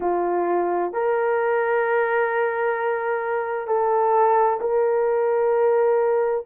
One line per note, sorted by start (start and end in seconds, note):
0.00 0.92 F4
0.92 3.67 A#4
3.67 4.59 A4
4.60 6.44 A#4